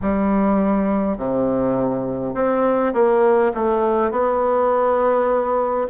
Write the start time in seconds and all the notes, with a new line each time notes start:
0.01 G3
1.17 C3
2.34 C4
2.93 A#3
3.54 A3
4.11 B3